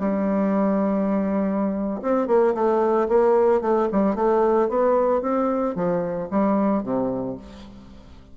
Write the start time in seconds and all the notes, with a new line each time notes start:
0.00 G3
2.02 C4
2.27 A#3
2.55 A3
3.09 A#3
3.61 A3
3.92 G3
4.15 A3
4.69 B3
5.22 C4
5.75 F3
6.31 G3
6.84 C3